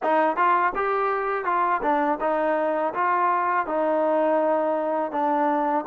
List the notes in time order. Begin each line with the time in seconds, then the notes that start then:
0.02 D#4
0.36 F4
0.75 G4
1.44 F4
1.82 D4
2.20 D#4
2.93 F4
3.66 D#4
5.11 D4